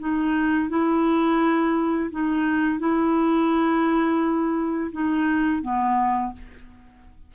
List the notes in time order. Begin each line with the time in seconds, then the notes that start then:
0.00 D#4
0.70 E4
2.11 D#4
2.80 E4
4.93 D#4
5.63 B3